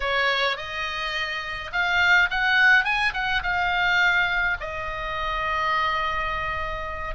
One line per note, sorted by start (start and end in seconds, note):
0.00 0.57 C#5
0.57 1.71 D#5
1.72 2.29 F5
2.30 2.84 F#5
2.84 3.12 G#5
3.13 3.42 F#5
3.42 4.57 F5
4.60 7.15 D#5